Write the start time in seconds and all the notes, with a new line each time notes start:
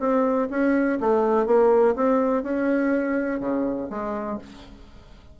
0.00 C4
0.51 C#4
1.00 A3
1.47 A#3
1.96 C4
2.43 C#4
3.40 C#3
3.90 G#3